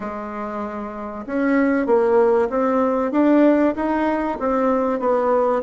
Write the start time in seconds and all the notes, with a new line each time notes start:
0.00 G#3
1.26 C#4
1.86 A#3
2.49 C4
3.11 D4
3.75 D#4
4.39 C4
4.99 B3